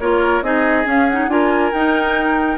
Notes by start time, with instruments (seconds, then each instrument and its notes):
0.00 bassoon A#3, clarinet F4, oboe A#4, flute C#5
0.42 bassoon C4, clarinet D#4, oboe G#4, flute D#5
0.85 clarinet C#4, bassoon C#4, flute F5
1.09 clarinet D#4, flute F#5
1.28 bassoon D4, clarinet F4, oboe A#4, flute G#5
1.73 bassoon D#4, clarinet D#4, flute G5